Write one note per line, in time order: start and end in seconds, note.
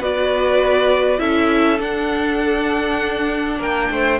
0.00 1.20 B3
0.00 1.18 F#4
0.00 1.20 B4
0.00 1.20 D5
1.18 1.80 C#4
1.18 1.78 E4
1.18 3.59 A4
1.18 1.80 E5
1.80 3.60 D4
1.80 4.20 D4
1.80 3.62 F#5
3.59 3.90 A#3
3.59 3.89 A#4
3.59 4.20 G5
3.91 4.20 A3
3.91 4.20 C5